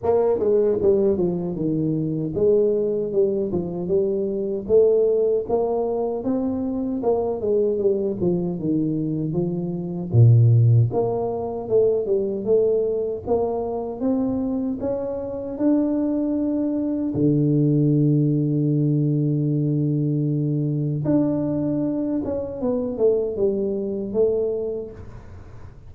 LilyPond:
\new Staff \with { instrumentName = "tuba" } { \time 4/4 \tempo 4 = 77 ais8 gis8 g8 f8 dis4 gis4 | g8 f8 g4 a4 ais4 | c'4 ais8 gis8 g8 f8 dis4 | f4 ais,4 ais4 a8 g8 |
a4 ais4 c'4 cis'4 | d'2 d2~ | d2. d'4~ | d'8 cis'8 b8 a8 g4 a4 | }